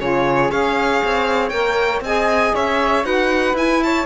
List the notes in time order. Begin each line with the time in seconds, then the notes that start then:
0.00 C#3 F4 G#4 C#5
0.51 C#4 G#4 C#5 F5
1.04 C4
1.49 A#3 A#4 G5
2.01 C4 G#4 D#5 G#5
2.55 C#4 C#5 E5
3.03 D#4 F#4 B4 F#5
3.54 E4 G#5
3.83 C#5 A5